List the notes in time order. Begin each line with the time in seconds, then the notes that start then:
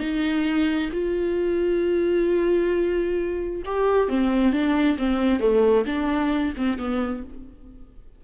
0.00 D#4
0.92 F4
3.65 G4
4.09 C4
4.53 D4
4.98 C4
5.40 A3
5.86 D4
6.57 C4
6.79 B3